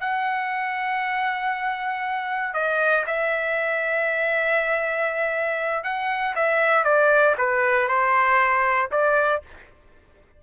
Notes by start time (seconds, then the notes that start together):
0.00 F#5
2.54 D#5
3.06 E5
5.83 F#5
6.35 E5
6.84 D5
7.37 B4
7.88 C5
8.91 D5